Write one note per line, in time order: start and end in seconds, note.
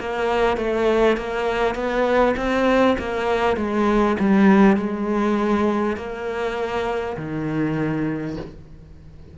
0.00 0.57 A#3
0.57 1.17 A3
1.17 1.75 A#3
1.75 2.35 B3
2.36 2.96 C4
2.98 3.56 A#3
3.56 4.16 G#3
4.19 4.76 G3
4.76 5.96 G#3
5.96 7.16 A#3
7.17 8.37 D#3